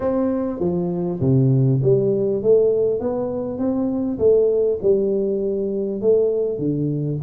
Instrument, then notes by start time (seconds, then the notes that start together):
tuba
0.00 C4
0.59 F3
1.20 C3
1.82 G3
2.42 A3
3.00 B3
3.58 C4
4.18 A3
4.82 G3
6.01 A3
6.58 D3